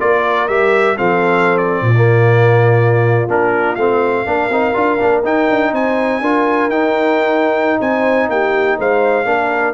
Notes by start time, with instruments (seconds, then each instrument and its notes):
0.00 tuba A#3, trombone F4, horn A#4, trumpet D5
0.48 tuba G3, trombone G4, trumpet E5
0.97 tuba F3, trombone C4, horn A4, trumpet F5
1.58 trumpet D5
1.82 tuba A#2, horn F4
1.96 trombone A#3
3.28 tuba A#3, trombone D4, trumpet A#4
3.75 tuba A3, trombone C4, trumpet F5
4.26 tuba A#3, trombone D4, horn A#4
4.49 tuba C4, trombone D#4
4.74 tuba D4, trombone F4
4.99 tuba A#3, trombone D4
5.24 tuba D#4, trombone D#4, trumpet G5
5.50 tuba D4
5.72 tuba C4, horn C5, trumpet G#5
6.21 tuba D4, trombone F4, horn A#4
6.68 tuba D#4, trombone D#4, trumpet G5
7.80 tuba C4, horn C5, trumpet G#5
8.29 tuba A#3, horn G4, trumpet G5
8.78 tuba G#3, horn C5, trumpet F5
9.25 tuba A#3, trombone D4, horn A#4